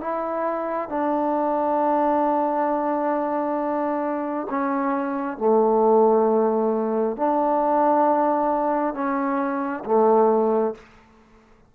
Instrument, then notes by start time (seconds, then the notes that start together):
trombone
0.00 E4
0.89 D4
4.50 C#4
5.38 A3
7.17 D4
8.94 C#4
9.85 A3